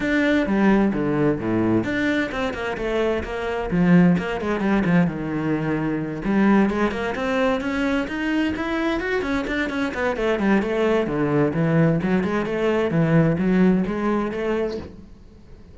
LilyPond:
\new Staff \with { instrumentName = "cello" } { \time 4/4 \tempo 4 = 130 d'4 g4 d4 a,4 | d'4 c'8 ais8 a4 ais4 | f4 ais8 gis8 g8 f8 dis4~ | dis4. g4 gis8 ais8 c'8~ |
c'8 cis'4 dis'4 e'4 fis'8 | cis'8 d'8 cis'8 b8 a8 g8 a4 | d4 e4 fis8 gis8 a4 | e4 fis4 gis4 a4 | }